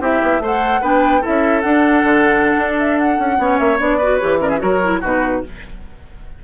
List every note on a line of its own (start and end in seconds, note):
0.00 0.20 C4
0.00 0.42 E4
0.00 0.42 G4
0.00 0.44 E5
0.22 0.39 B3
0.39 0.80 A3
0.39 0.82 A4
0.39 0.80 C5
0.39 0.83 F#5
0.80 1.22 B3
0.80 1.21 D4
0.80 1.20 B4
0.80 1.24 G5
1.20 1.62 E4
1.20 3.35 A4
1.20 1.60 E5
1.27 1.63 C#4
1.60 2.03 D4
1.60 3.37 D4
1.60 2.72 F#5
2.03 2.54 D3
2.58 3.18 D4
2.78 2.98 E5
2.98 3.58 F#5
3.18 3.38 C#4
3.38 3.58 B3
3.38 3.78 C#4
3.38 3.97 C#5
3.58 3.79 A#3
3.58 3.79 E5
3.78 4.20 B3
3.78 3.98 D4
3.78 4.16 D5
3.97 4.20 F#4
3.97 4.38 B4
4.16 4.62 E3
4.16 4.40 G4
4.16 4.37 C#5
4.40 4.58 C#4
4.40 4.48 A#4
4.40 4.50 D5
4.48 4.58 G#4
4.48 4.59 E5
4.58 5.02 F#3
4.58 4.78 F#4
4.58 5.00 A#4
4.58 5.00 C#5
4.83 5.02 E4
5.00 5.43 B2
5.00 5.43 D#4
5.00 5.41 F#4
5.00 5.44 B4